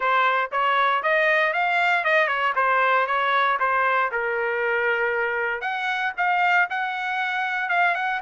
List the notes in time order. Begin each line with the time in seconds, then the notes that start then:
0.00 C5
0.51 C#5
1.03 D#5
1.53 F5
2.04 D#5
2.27 C#5
2.55 C5
3.06 C#5
3.59 C5
4.11 A#4
5.61 F#5
6.17 F5
6.69 F#5
7.69 F5
7.94 F#5